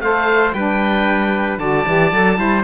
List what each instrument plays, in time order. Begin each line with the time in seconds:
0.00 cello A3, saxophone A4, trumpet C5, oboe F5
0.53 cello G3, saxophone D4, trumpet B4, oboe G5
1.59 cello D3, saxophone F#4, trumpet D5, oboe A5
1.86 cello E3, saxophone G4
2.12 cello F#3, saxophone A4
2.37 cello G3, saxophone E4, trumpet C5